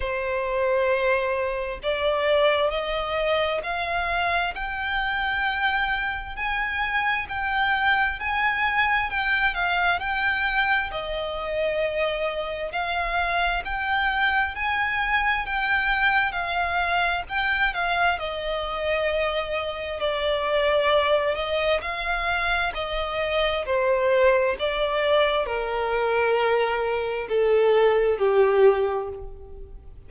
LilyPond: \new Staff \with { instrumentName = "violin" } { \time 4/4 \tempo 4 = 66 c''2 d''4 dis''4 | f''4 g''2 gis''4 | g''4 gis''4 g''8 f''8 g''4 | dis''2 f''4 g''4 |
gis''4 g''4 f''4 g''8 f''8 | dis''2 d''4. dis''8 | f''4 dis''4 c''4 d''4 | ais'2 a'4 g'4 | }